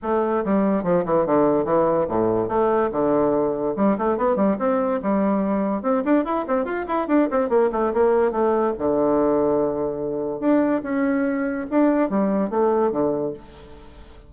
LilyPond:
\new Staff \with { instrumentName = "bassoon" } { \time 4/4 \tempo 4 = 144 a4 g4 f8 e8 d4 | e4 a,4 a4 d4~ | d4 g8 a8 b8 g8 c'4 | g2 c'8 d'8 e'8 c'8 |
f'8 e'8 d'8 c'8 ais8 a8 ais4 | a4 d2.~ | d4 d'4 cis'2 | d'4 g4 a4 d4 | }